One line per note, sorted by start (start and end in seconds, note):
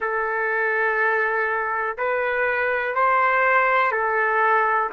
0.00 1.97 A4
1.97 2.94 B4
2.94 3.91 C5
3.91 4.90 A4